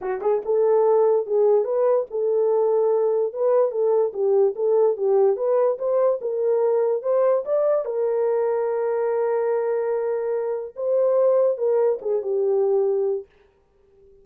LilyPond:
\new Staff \with { instrumentName = "horn" } { \time 4/4 \tempo 4 = 145 fis'8 gis'8 a'2 gis'4 | b'4 a'2. | b'4 a'4 g'4 a'4 | g'4 b'4 c''4 ais'4~ |
ais'4 c''4 d''4 ais'4~ | ais'1~ | ais'2 c''2 | ais'4 gis'8 g'2~ g'8 | }